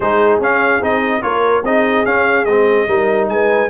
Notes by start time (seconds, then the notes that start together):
0.00 G#3 D#4 G#4 C5
0.39 C#4 F5
0.81 C4 D#4 D#5
1.22 A#3 F4 A#4 C#5
1.63 C4 D#4 G#4 D#5
2.05 C#4 F5
2.45 G#3 C4 D#5
2.87 G3 D#4 A#4
3.28 G#3 B4 G#5